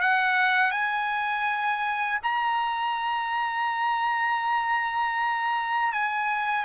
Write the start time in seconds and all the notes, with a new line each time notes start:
0.00 F#5
0.71 G#5
2.23 A#5
5.92 G#5